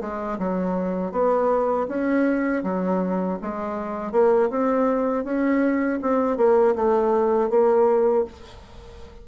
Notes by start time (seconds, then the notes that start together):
0.00 G#3
0.38 F#3
1.11 B3
1.88 C#4
2.63 F#3
3.41 G#3
4.11 A#3
4.49 C4
5.24 C#4
6.01 C4
6.36 A#3
6.75 A3
7.49 A#3